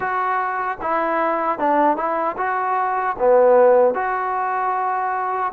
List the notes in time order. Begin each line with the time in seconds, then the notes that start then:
0.00 F#4
0.81 E4
1.58 D4
1.96 E4
2.37 F#4
3.19 B3
3.94 F#4